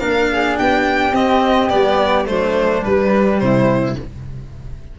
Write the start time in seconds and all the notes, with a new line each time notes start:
0.00 A#3 D4 A#4 F5
0.33 G#4
0.59 B3 G4 G5
1.12 C4 D#5
1.69 G3 B3 D5
2.26 F#3 A3 D4 C5
2.82 G3 B4
3.39 C3 E4 C5